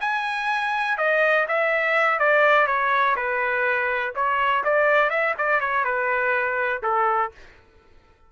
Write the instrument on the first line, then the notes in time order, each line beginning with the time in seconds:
trumpet
0.00 G#5
0.97 D#5
1.48 E5
2.19 D5
2.66 C#5
3.16 B4
4.15 C#5
4.64 D5
5.10 E5
5.38 D5
5.60 C#5
5.84 B4
6.82 A4